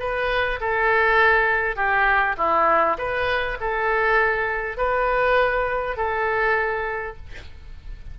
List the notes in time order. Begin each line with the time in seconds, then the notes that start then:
0.00 B4
0.61 A4
1.76 G4
2.38 E4
2.98 B4
3.61 A4
4.78 B4
5.97 A4